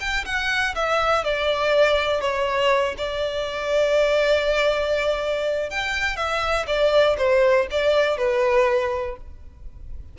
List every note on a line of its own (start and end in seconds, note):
0.00 0.25 G5
0.25 0.75 F#5
0.75 1.24 E5
1.24 2.21 D5
2.21 2.95 C#5
2.98 5.70 D5
5.70 6.17 G5
6.17 6.66 E5
6.67 7.17 D5
7.18 7.67 C5
7.71 8.18 D5
8.18 9.17 B4